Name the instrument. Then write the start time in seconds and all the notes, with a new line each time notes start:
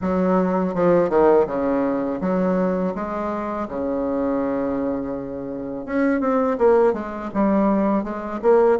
bassoon
0.01 F#3
0.74 F3
1.09 D#3
1.46 C#3
2.21 F#3
2.94 G#3
3.68 C#3
5.85 C#4
6.20 C4
6.58 A#3
6.93 G#3
7.34 G3
8.03 G#3
8.42 A#3